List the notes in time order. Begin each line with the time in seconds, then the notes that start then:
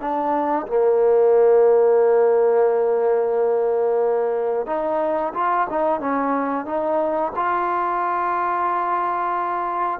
0.00 D4
0.67 A#3
4.66 D#4
5.34 F4
5.70 D#4
6.00 C#4
6.65 D#4
7.36 F4